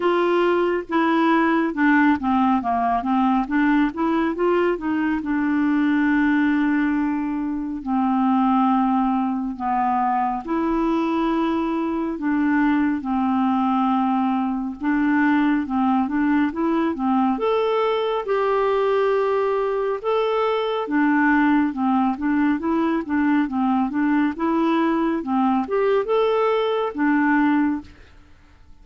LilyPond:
\new Staff \with { instrumentName = "clarinet" } { \time 4/4 \tempo 4 = 69 f'4 e'4 d'8 c'8 ais8 c'8 | d'8 e'8 f'8 dis'8 d'2~ | d'4 c'2 b4 | e'2 d'4 c'4~ |
c'4 d'4 c'8 d'8 e'8 c'8 | a'4 g'2 a'4 | d'4 c'8 d'8 e'8 d'8 c'8 d'8 | e'4 c'8 g'8 a'4 d'4 | }